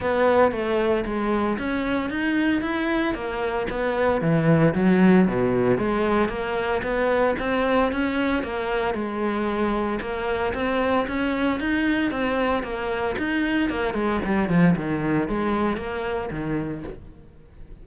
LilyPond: \new Staff \with { instrumentName = "cello" } { \time 4/4 \tempo 4 = 114 b4 a4 gis4 cis'4 | dis'4 e'4 ais4 b4 | e4 fis4 b,4 gis4 | ais4 b4 c'4 cis'4 |
ais4 gis2 ais4 | c'4 cis'4 dis'4 c'4 | ais4 dis'4 ais8 gis8 g8 f8 | dis4 gis4 ais4 dis4 | }